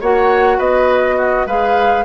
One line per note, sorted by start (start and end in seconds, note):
0.00 0.58 A#3
0.00 1.47 F#4
0.00 0.57 C#5
0.00 0.59 F#5
0.57 1.45 B3
0.57 1.15 B4
0.57 1.47 D#5
1.17 1.46 F#4
1.45 2.04 G#3
1.45 2.05 G#4
1.45 2.04 B4
1.45 2.05 F5